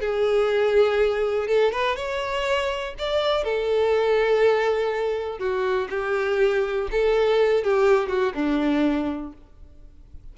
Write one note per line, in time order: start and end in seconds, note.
0.00 1.48 G#4
1.48 1.72 A4
1.72 1.96 B4
1.96 2.94 C#5
2.98 3.44 D5
3.44 5.39 A4
5.39 5.88 F#4
5.90 6.88 G4
6.91 7.63 A4
7.63 8.09 G4
8.09 8.33 F#4
8.34 9.32 D4